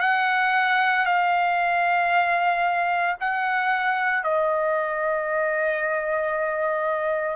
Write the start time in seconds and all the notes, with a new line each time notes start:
0.00 F#5
1.05 F5
3.20 F#5
4.23 D#5